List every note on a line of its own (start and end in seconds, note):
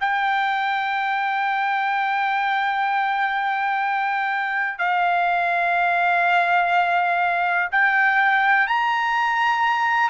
0.00 4.78 G5
4.78 7.68 F5
7.72 8.67 G5
8.67 10.10 A#5